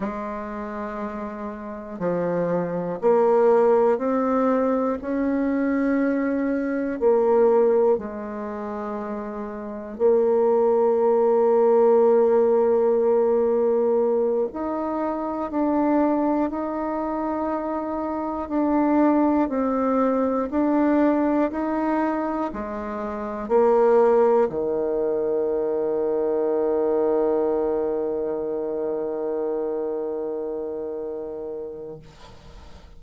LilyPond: \new Staff \with { instrumentName = "bassoon" } { \time 4/4 \tempo 4 = 60 gis2 f4 ais4 | c'4 cis'2 ais4 | gis2 ais2~ | ais2~ ais8 dis'4 d'8~ |
d'8 dis'2 d'4 c'8~ | c'8 d'4 dis'4 gis4 ais8~ | ais8 dis2.~ dis8~ | dis1 | }